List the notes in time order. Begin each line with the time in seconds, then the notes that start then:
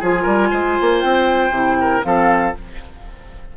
0.00 F3 F4 G#4 G#5
0.23 G3 A#4
0.51 G#3 C5
0.81 A#3
1.02 C4 G5
1.51 C3 E4
1.81 A#4
2.03 F3 C4 A4 F5